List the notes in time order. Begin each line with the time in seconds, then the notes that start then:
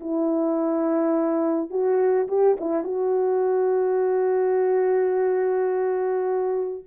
0.00 E4
1.70 F#4
2.28 G4
2.60 E4
2.84 F#4